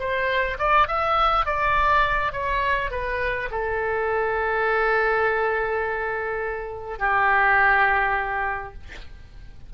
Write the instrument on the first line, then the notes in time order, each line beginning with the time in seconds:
oboe
0.00 C5
0.59 D5
0.88 E5
1.46 D5
2.33 C#5
2.92 B4
3.51 A4
7.00 G4